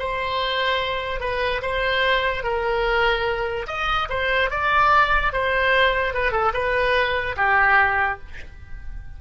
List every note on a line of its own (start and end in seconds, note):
0.00 1.21 C5
1.21 1.62 B4
1.62 2.44 C5
2.44 3.67 A#4
3.68 4.09 D#5
4.10 4.51 C5
4.51 5.33 D5
5.33 6.15 C5
6.15 6.32 B4
6.32 6.53 A4
6.54 7.36 B4
7.37 8.19 G4